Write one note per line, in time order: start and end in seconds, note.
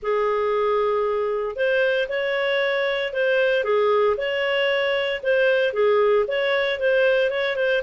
0.02 1.56 G#4
1.56 2.08 C5
2.09 3.13 C#5
3.13 3.64 C5
3.64 4.16 G#4
4.17 5.21 C#5
5.22 5.73 C5
5.73 6.25 G#4
6.27 6.79 C#5
6.79 7.30 C5
7.30 7.56 C#5
7.56 7.82 C5